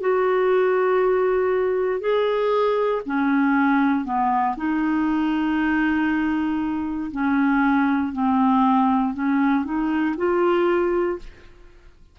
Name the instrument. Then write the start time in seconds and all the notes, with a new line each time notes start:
clarinet
0.00 F#4
2.00 G#4
3.06 C#4
4.04 B3
4.56 D#4
7.11 C#4
8.12 C4
9.13 C#4
9.64 D#4
10.16 F4